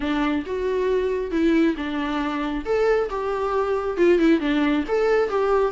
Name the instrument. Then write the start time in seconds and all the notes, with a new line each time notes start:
viola
0.00 D4
0.46 F#4
1.31 E4
1.76 D4
2.65 A4
3.09 G4
3.97 F4
4.19 E4
4.40 D4
4.88 A4
5.29 G4